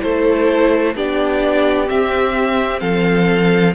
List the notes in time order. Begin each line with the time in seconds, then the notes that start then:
0.00 A3 E4 A4 C5
0.96 B3 D4 G4 D5
1.86 C4 E5
2.80 F3 A4 F5